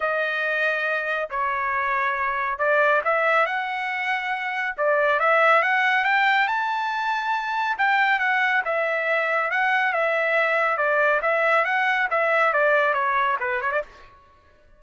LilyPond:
\new Staff \with { instrumentName = "trumpet" } { \time 4/4 \tempo 4 = 139 dis''2. cis''4~ | cis''2 d''4 e''4 | fis''2. d''4 | e''4 fis''4 g''4 a''4~ |
a''2 g''4 fis''4 | e''2 fis''4 e''4~ | e''4 d''4 e''4 fis''4 | e''4 d''4 cis''4 b'8 cis''16 d''16 | }